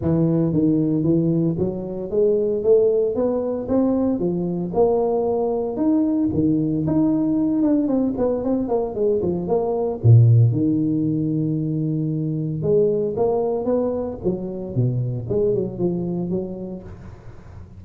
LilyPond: \new Staff \with { instrumentName = "tuba" } { \time 4/4 \tempo 4 = 114 e4 dis4 e4 fis4 | gis4 a4 b4 c'4 | f4 ais2 dis'4 | dis4 dis'4. d'8 c'8 b8 |
c'8 ais8 gis8 f8 ais4 ais,4 | dis1 | gis4 ais4 b4 fis4 | b,4 gis8 fis8 f4 fis4 | }